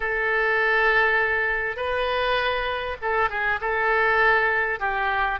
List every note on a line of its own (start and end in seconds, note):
0.00 1.76 A4
1.76 2.96 B4
3.01 3.29 A4
3.29 3.59 G#4
3.61 4.79 A4
4.79 5.39 G4